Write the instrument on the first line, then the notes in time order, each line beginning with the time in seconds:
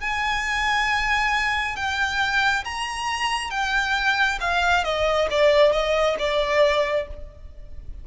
violin
0.00 G#5
1.76 G5
2.64 A#5
3.50 G5
4.40 F5
4.84 D#5
5.30 D5
5.72 D#5
6.18 D5